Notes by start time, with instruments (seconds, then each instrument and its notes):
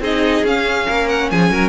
0.00 cello C4, viola D#4, violin G#4 D#5
0.44 cello C#4, viola C#4, violin F5
0.87 cello A#3, violin A#4
1.09 violin F#5
1.31 cello F3, violin G#4 G#5
1.51 cello F#3, violin A#4